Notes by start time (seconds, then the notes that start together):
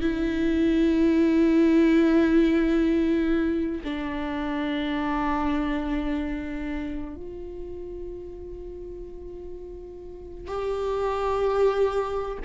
0.00 E4
3.83 D4
7.16 F4
10.47 G4